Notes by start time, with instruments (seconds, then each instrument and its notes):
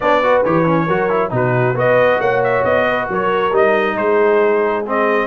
0.00 tuba B3, trombone D4, horn C#5, trumpet D5
0.22 trombone F#4, horn B4
0.44 tuba E3, trombone G4, trumpet C#5
0.65 trombone C#4
0.86 tuba F#3, trombone F#4, horn A#4
1.09 trombone E4
1.30 tuba B2, trombone D#4, horn F#4, trumpet B4
1.73 tuba B3, trombone F#4, horn B4, trumpet D#5
2.19 tuba A#3, horn C#5, trumpet F#5
2.43 trumpet E5
2.64 tuba B3, trumpet D#5
2.88 horn B4
3.08 tuba F#3, horn A#4, trumpet C#5
3.51 tuba G3, trombone D#4, trumpet D#5
3.94 tuba G#3, horn G#4, trumpet C5
4.86 trombone C4, trumpet D#5